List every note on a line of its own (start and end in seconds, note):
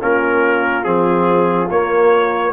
0.00 0.85 A#3
0.00 0.84 C#4
0.00 2.53 F4
0.00 0.84 A#4
0.84 1.70 F3
0.84 1.68 C4
0.84 1.68 G#4
1.70 2.53 A#3
1.70 2.53 C#5